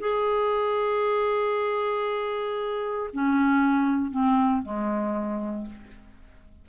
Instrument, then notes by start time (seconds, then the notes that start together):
clarinet
0.00 G#4
3.14 C#4
4.11 C4
4.63 G#3